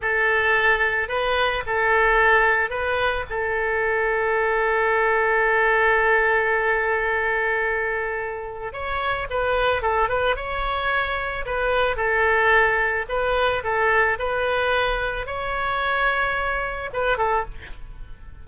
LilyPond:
\new Staff \with { instrumentName = "oboe" } { \time 4/4 \tempo 4 = 110 a'2 b'4 a'4~ | a'4 b'4 a'2~ | a'1~ | a'1 |
cis''4 b'4 a'8 b'8 cis''4~ | cis''4 b'4 a'2 | b'4 a'4 b'2 | cis''2. b'8 a'8 | }